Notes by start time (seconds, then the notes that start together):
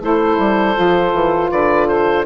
0.00 A3 E4 A4 C5
0.38 G3
0.74 F3 F4
1.12 E3
1.50 D3 B4 D5
1.87 A4 C5